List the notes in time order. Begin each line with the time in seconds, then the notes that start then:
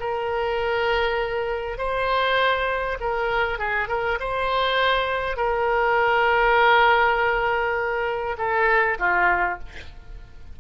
0.00 A#4
1.78 C5
3.00 A#4
3.59 G#4
3.88 A#4
4.20 C5
5.37 A#4
8.38 A4
8.99 F4